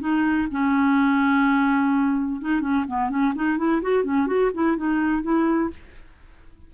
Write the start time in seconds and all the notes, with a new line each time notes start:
0.00 D#4
0.51 C#4
2.41 D#4
2.61 C#4
2.88 B3
3.09 C#4
3.35 D#4
3.58 E4
3.82 F#4
4.04 C#4
4.27 F#4
4.54 E4
4.77 D#4
5.22 E4